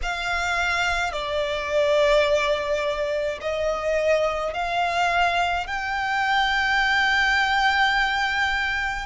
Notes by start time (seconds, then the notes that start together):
0.02 F5
1.12 D5
3.41 D#5
4.53 F5
5.66 G5